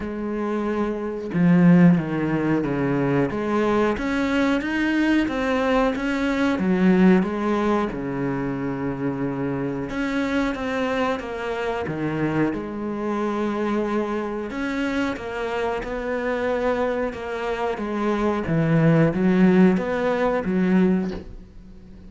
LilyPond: \new Staff \with { instrumentName = "cello" } { \time 4/4 \tempo 4 = 91 gis2 f4 dis4 | cis4 gis4 cis'4 dis'4 | c'4 cis'4 fis4 gis4 | cis2. cis'4 |
c'4 ais4 dis4 gis4~ | gis2 cis'4 ais4 | b2 ais4 gis4 | e4 fis4 b4 fis4 | }